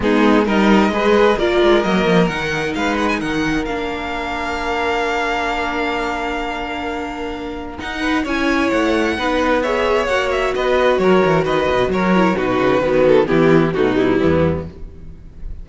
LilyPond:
<<
  \new Staff \with { instrumentName = "violin" } { \time 4/4 \tempo 4 = 131 gis'4 dis''2 d''4 | dis''4 fis''4 f''8 fis''16 gis''16 fis''4 | f''1~ | f''1~ |
f''4 fis''4 gis''4 fis''4~ | fis''4 e''4 fis''8 e''8 dis''4 | cis''4 dis''4 cis''4 b'4~ | b'8 a'8 g'4 fis'8 e'4. | }
  \new Staff \with { instrumentName = "violin" } { \time 4/4 dis'4 ais'4 b'4 ais'4~ | ais'2 b'4 ais'4~ | ais'1~ | ais'1~ |
ais'4. b'8 cis''2 | b'4 cis''2 b'4 | ais'4 b'4 ais'4 fis'4 | b4 e'4 dis'4 b4 | }
  \new Staff \with { instrumentName = "viola" } { \time 4/4 b4 dis'4 gis'4 f'4 | ais4 dis'2. | d'1~ | d'1~ |
d'4 dis'4 e'2 | dis'4 gis'4 fis'2~ | fis'2~ fis'8 e'8 dis'4 | fis'4 b4 a8 g4. | }
  \new Staff \with { instrumentName = "cello" } { \time 4/4 gis4 g4 gis4 ais8 gis8 | fis8 f8 dis4 gis4 dis4 | ais1~ | ais1~ |
ais4 dis'4 cis'4 a4 | b2 ais4 b4 | fis8 e8 dis8 b,8 fis4 b,8 cis8 | dis4 e4 b,4 e,4 | }
>>